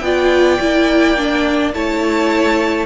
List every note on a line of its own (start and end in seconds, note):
0.00 0.58 B3
0.00 0.60 F4
0.00 1.75 D5
0.00 1.71 G5
0.61 1.74 A#3
0.61 1.17 E4
1.17 1.73 D4
1.73 2.86 A3
1.73 2.86 E4
1.73 2.86 C#5
1.73 2.86 A5